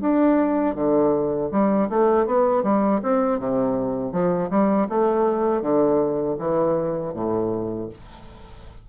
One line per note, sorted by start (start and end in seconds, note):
0.00 0.75 D4
0.75 1.50 D3
1.51 1.89 G3
1.89 2.26 A3
2.26 2.63 B3
2.63 3.00 G3
3.02 3.39 C4
3.39 4.12 C3
4.12 4.49 F3
4.50 4.87 G3
4.89 5.61 A3
5.61 6.36 D3
6.39 7.14 E3
7.14 7.89 A2